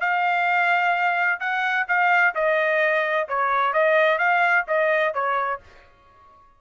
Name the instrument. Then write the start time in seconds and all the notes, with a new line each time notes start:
trumpet
0.00 F5
1.40 F#5
1.88 F5
2.34 D#5
3.28 C#5
3.73 D#5
4.18 F5
4.67 D#5
5.14 C#5